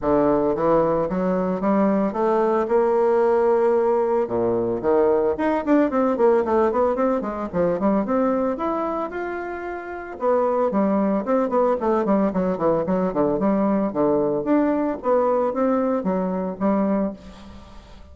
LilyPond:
\new Staff \with { instrumentName = "bassoon" } { \time 4/4 \tempo 4 = 112 d4 e4 fis4 g4 | a4 ais2. | ais,4 dis4 dis'8 d'8 c'8 ais8 | a8 b8 c'8 gis8 f8 g8 c'4 |
e'4 f'2 b4 | g4 c'8 b8 a8 g8 fis8 e8 | fis8 d8 g4 d4 d'4 | b4 c'4 fis4 g4 | }